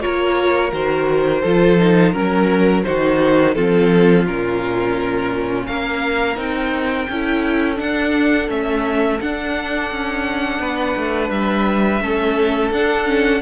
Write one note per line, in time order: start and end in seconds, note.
0.00 0.71 F4
0.00 1.42 A#4
0.00 0.71 C#5
0.06 0.72 A#3
0.72 1.43 D#3
0.72 1.43 F#4
0.72 2.15 C5
1.42 2.15 F3
1.42 1.78 F4
1.42 2.12 A4
1.78 2.13 D#4
2.12 2.85 F#3
2.12 2.84 C#4
2.12 2.83 A#4
2.12 2.84 A#4
2.84 3.57 D#3
2.84 3.55 D#4
2.84 3.56 F#4
2.84 3.54 C5
3.54 4.26 F3
3.54 4.26 C4
3.54 5.67 F4
3.54 4.25 A4
4.26 5.67 A#2
4.26 6.36 C#4
4.26 5.66 A#4
5.66 6.37 A#3
5.66 7.09 A#4
5.66 6.37 F5
6.36 7.07 C4
6.36 7.06 D#4
6.36 7.79 G5
7.09 7.80 C#4
7.09 7.76 E4
7.09 10.61 A4
7.76 8.46 D4
7.76 8.49 D4
7.76 8.50 F#5
8.49 9.20 A3
8.49 9.19 C#4
8.49 9.21 E5
9.21 9.91 D4
9.21 12.01 D4
9.21 11.30 F#5
9.91 10.59 C#4
10.59 10.95 B3
10.59 12.02 B4
10.97 11.30 A3
11.30 12.00 G3
11.30 12.71 E5
12.00 12.71 A3
12.00 12.72 C#4
12.00 13.42 A4
12.71 13.42 D4
12.71 13.06 D4
12.71 13.42 F#5
13.06 13.41 C#4